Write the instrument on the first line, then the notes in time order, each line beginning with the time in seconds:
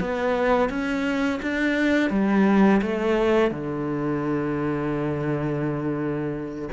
cello
0.00 B3
0.69 C#4
1.42 D4
2.10 G3
2.82 A3
3.51 D3